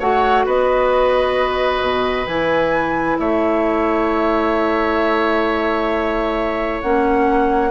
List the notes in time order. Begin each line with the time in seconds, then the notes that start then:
0.00 A3 F#4 C#5 F#5
0.46 B3 B4 D#5
1.82 B2
2.27 E3 E4 G#5
3.20 A3 C#5 E5
6.82 A#3 C#4 F#5